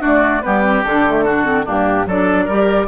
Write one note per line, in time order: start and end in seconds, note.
0.00 0.43 A3
0.00 0.41 D4
0.00 0.41 F#4
0.00 0.42 D5
0.42 0.84 G3
0.42 0.63 B3
0.42 1.24 G4
0.42 0.83 B4
0.63 0.84 C4
0.83 1.66 D3
0.83 1.06 D4
0.83 1.65 A4
1.07 1.26 A3
1.24 1.44 D4
1.24 1.65 F#4
1.44 1.65 C4
1.65 2.06 G2
1.65 2.06 A#3
1.65 2.06 D4
1.65 2.08 G4
2.06 2.47 F#3
2.06 2.50 D4
2.06 2.45 A4
2.06 2.87 D5
2.45 2.87 G3
2.45 2.87 G4
2.45 2.85 A#4